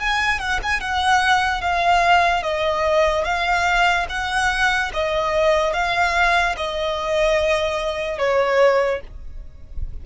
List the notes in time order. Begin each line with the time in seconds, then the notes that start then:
0.00 G#5
0.40 F#5
0.63 G#5
0.81 F#5
1.62 F5
2.43 D#5
3.25 F5
4.09 F#5
4.94 D#5
5.74 F5
6.57 D#5
8.19 C#5